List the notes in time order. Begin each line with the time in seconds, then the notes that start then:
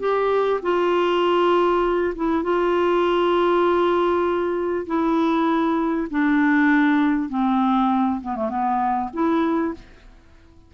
0.00 G4
0.63 F4
2.16 E4
2.44 F4
4.87 E4
6.11 D4
7.30 C4
8.21 B3
8.36 A3
8.50 B3
9.14 E4